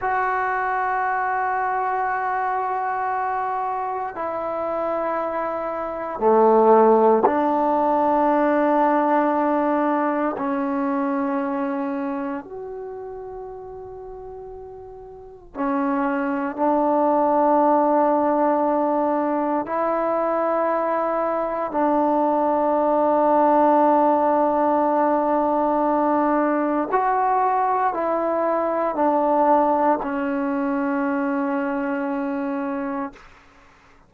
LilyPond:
\new Staff \with { instrumentName = "trombone" } { \time 4/4 \tempo 4 = 58 fis'1 | e'2 a4 d'4~ | d'2 cis'2 | fis'2. cis'4 |
d'2. e'4~ | e'4 d'2.~ | d'2 fis'4 e'4 | d'4 cis'2. | }